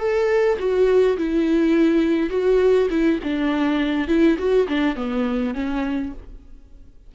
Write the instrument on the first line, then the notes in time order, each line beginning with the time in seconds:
viola
0.00 A4
0.59 F#4
1.18 E4
2.30 F#4
2.90 E4
3.24 D4
4.08 E4
4.38 F#4
4.68 D4
4.96 B3
5.55 C#4